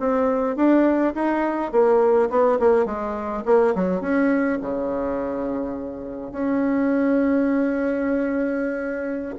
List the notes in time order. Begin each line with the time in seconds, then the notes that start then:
0.00 C4
0.56 D4
1.15 D#4
1.72 A#3
2.30 B3
2.59 A#3
2.86 G#3
3.46 A#3
3.75 F#3
4.01 C#4
4.62 C#3
6.32 C#4